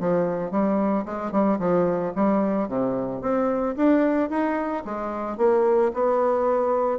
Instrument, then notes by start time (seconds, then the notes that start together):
bassoon
0.00 F3
0.51 G3
1.06 G#3
1.32 G3
1.59 F3
2.16 G3
2.69 C3
3.22 C4
3.77 D4
4.30 D#4
4.85 G#3
5.38 A#3
5.94 B3